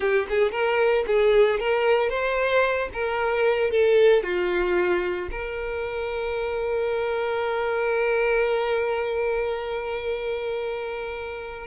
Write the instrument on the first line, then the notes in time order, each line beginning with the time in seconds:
violin
0.00 G4
0.29 G#4
0.51 A#4
1.06 G#4
1.59 A#4
2.09 C5
2.93 A#4
3.70 A4
4.23 F4
5.31 A#4